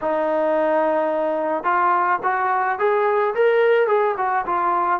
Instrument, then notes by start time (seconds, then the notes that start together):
trombone
0.01 D#4
1.63 F4
2.23 F#4
2.78 G#4
3.34 A#4
3.87 G#4
4.17 F#4
4.46 F4